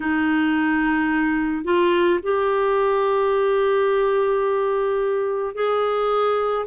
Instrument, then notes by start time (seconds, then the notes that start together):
clarinet
0.00 D#4
1.64 F4
2.22 G4
5.55 G#4